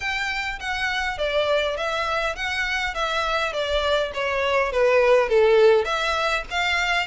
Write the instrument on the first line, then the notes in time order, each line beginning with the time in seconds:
violin
0.00 G5
0.59 F#5
1.18 D5
1.76 E5
2.35 F#5
2.94 E5
3.52 D5
4.13 C#5
4.72 B4
5.29 A4
5.84 E5
6.50 F5